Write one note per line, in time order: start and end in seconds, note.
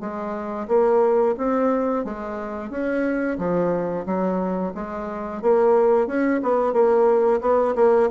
0.00 0.67 G#3
0.68 1.35 A#3
1.38 2.04 C4
2.04 2.70 G#3
2.70 3.38 C#4
3.38 4.05 F3
4.06 4.73 F#3
4.75 5.42 G#3
5.42 6.07 A#3
6.07 6.40 C#4
6.43 6.73 B3
6.73 7.40 A#3
7.41 7.75 B3
7.76 8.09 A#3